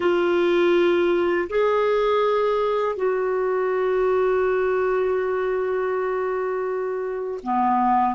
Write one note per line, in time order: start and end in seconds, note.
0.00 1.48 F4
1.49 2.96 G#4
2.96 7.40 F#4
7.43 8.15 B3